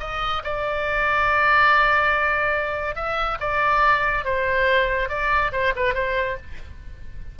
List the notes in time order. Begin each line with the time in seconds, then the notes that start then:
0.00 D#5
0.44 D5
2.95 E5
3.40 D5
4.24 C5
5.09 D5
5.52 C5
5.76 B4
5.94 C5